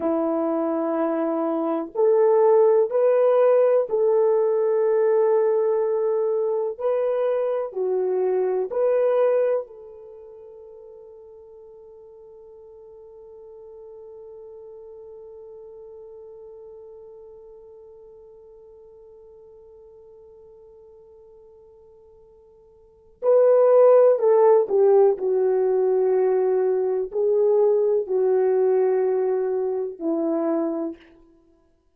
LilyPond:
\new Staff \with { instrumentName = "horn" } { \time 4/4 \tempo 4 = 62 e'2 a'4 b'4 | a'2. b'4 | fis'4 b'4 a'2~ | a'1~ |
a'1~ | a'1 | b'4 a'8 g'8 fis'2 | gis'4 fis'2 e'4 | }